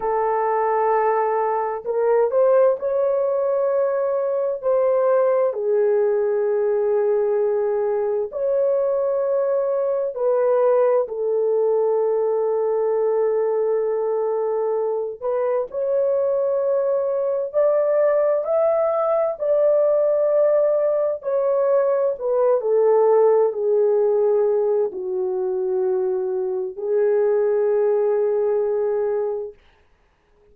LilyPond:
\new Staff \with { instrumentName = "horn" } { \time 4/4 \tempo 4 = 65 a'2 ais'8 c''8 cis''4~ | cis''4 c''4 gis'2~ | gis'4 cis''2 b'4 | a'1~ |
a'8 b'8 cis''2 d''4 | e''4 d''2 cis''4 | b'8 a'4 gis'4. fis'4~ | fis'4 gis'2. | }